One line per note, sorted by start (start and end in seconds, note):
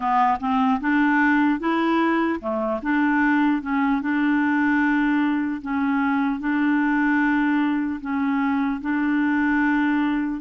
0.00 0.37 B3
0.40 0.80 C4
0.80 1.59 D4
1.59 2.39 E4
2.40 2.80 A3
2.82 3.61 D4
3.61 4.01 C#4
4.01 5.61 D4
5.61 6.40 C#4
6.40 8.00 D4
8.00 8.80 C#4
8.81 10.40 D4